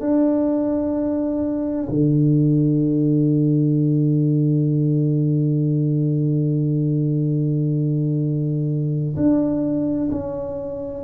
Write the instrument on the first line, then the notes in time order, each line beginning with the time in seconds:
tuba
0.00 D4
1.89 D3
9.16 D4
10.11 C#4